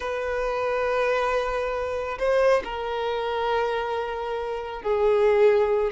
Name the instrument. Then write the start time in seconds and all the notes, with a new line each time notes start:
violin
0.00 B4
2.19 C5
2.64 A#4
4.82 G#4